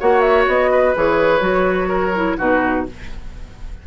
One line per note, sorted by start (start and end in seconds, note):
0.00 0.47 A#3
0.00 0.95 F#4
0.00 0.71 C#5
0.00 0.21 F#5
0.21 0.44 E5
0.47 0.95 B3
0.47 0.96 D#5
0.71 1.88 B4
0.95 1.41 E3
0.95 1.40 G#4
0.95 2.38 C#5
1.40 2.36 F#3
1.40 2.12 F#4
1.88 2.36 A#4
2.15 2.38 E4
2.38 2.87 B2
2.38 2.86 D#4
2.38 2.85 F#4
2.38 2.86 B4